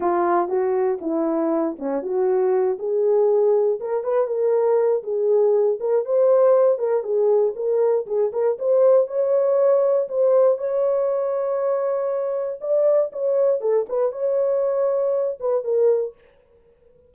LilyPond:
\new Staff \with { instrumentName = "horn" } { \time 4/4 \tempo 4 = 119 f'4 fis'4 e'4. cis'8 | fis'4. gis'2 ais'8 | b'8 ais'4. gis'4. ais'8 | c''4. ais'8 gis'4 ais'4 |
gis'8 ais'8 c''4 cis''2 | c''4 cis''2.~ | cis''4 d''4 cis''4 a'8 b'8 | cis''2~ cis''8 b'8 ais'4 | }